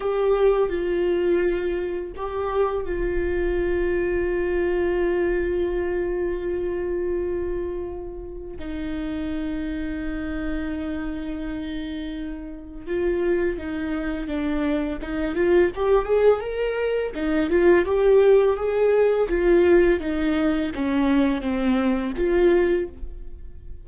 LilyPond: \new Staff \with { instrumentName = "viola" } { \time 4/4 \tempo 4 = 84 g'4 f'2 g'4 | f'1~ | f'1 | dis'1~ |
dis'2 f'4 dis'4 | d'4 dis'8 f'8 g'8 gis'8 ais'4 | dis'8 f'8 g'4 gis'4 f'4 | dis'4 cis'4 c'4 f'4 | }